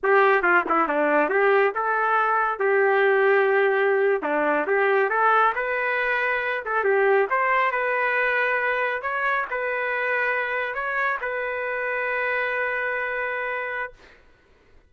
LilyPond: \new Staff \with { instrumentName = "trumpet" } { \time 4/4 \tempo 4 = 138 g'4 f'8 e'8 d'4 g'4 | a'2 g'2~ | g'4.~ g'16 d'4 g'4 a'16~ | a'8. b'2~ b'8 a'8 g'16~ |
g'8. c''4 b'2~ b'16~ | b'8. cis''4 b'2~ b'16~ | b'8. cis''4 b'2~ b'16~ | b'1 | }